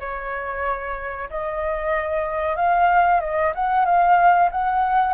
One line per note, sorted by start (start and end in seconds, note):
0.00 1.29 C#5
1.30 2.56 D#5
2.56 3.20 F5
3.20 3.52 D#5
3.55 3.85 F#5
3.85 4.50 F5
4.51 5.13 F#5